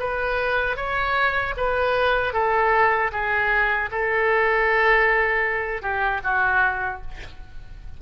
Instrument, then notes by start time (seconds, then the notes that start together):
oboe
0.00 B4
0.77 C#5
1.57 B4
2.34 A4
3.12 G#4
3.92 A4
5.82 G4
6.24 F#4